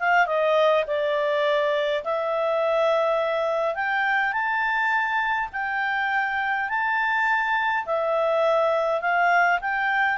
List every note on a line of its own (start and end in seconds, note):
0.00 0.26 F5
0.26 0.84 D#5
0.87 2.04 D5
2.04 3.75 E5
3.75 4.33 G5
4.33 5.49 A5
5.53 6.69 G5
6.69 7.86 A5
7.86 9.01 E5
9.01 9.60 F5
9.61 10.18 G5